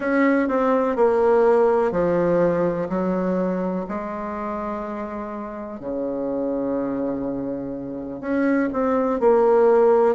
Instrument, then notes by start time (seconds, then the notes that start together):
bassoon
0.00 C#4
0.48 C4
0.95 A#3
1.91 F3
2.89 F#3
3.88 G#3
5.80 C#3
8.20 C#4
8.72 C4
9.19 A#3